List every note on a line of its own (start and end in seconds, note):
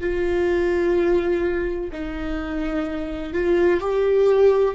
0.00 1.90 F4
1.92 3.33 D#4
3.33 3.81 F4
3.81 4.75 G4